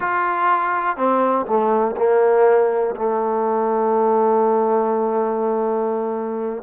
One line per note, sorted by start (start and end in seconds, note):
0.00 0.96 F4
0.97 1.46 C4
1.46 1.95 A3
1.96 2.95 A#3
2.96 6.62 A3